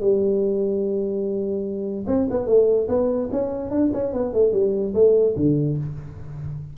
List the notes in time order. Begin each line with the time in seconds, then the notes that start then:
0.00 G3
2.07 C4
2.30 B3
2.47 A3
2.88 B3
3.32 C#4
3.70 D4
3.93 C#4
4.13 B3
4.33 A3
4.53 G3
4.94 A3
5.36 D3